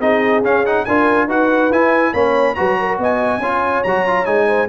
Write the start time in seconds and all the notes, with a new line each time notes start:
0.00 C4 D#4 G#4 D#5
0.41 C#4 F5
0.66 D#4 F#5
0.85 D4 F4 A#4 G#5
1.27 D#4 F#4 B4 F#5
1.70 E4 G#5
2.13 A#3 C#4 C#5 B5
2.55 F#3 F#4 B4 A#5
2.79 A#4
2.98 B3 D#5 G#5
3.38 C#4 F4 C#5
3.83 F#3 F#4 A#5
4.07 F4
4.25 G#3 D#4 G#5
4.47 C5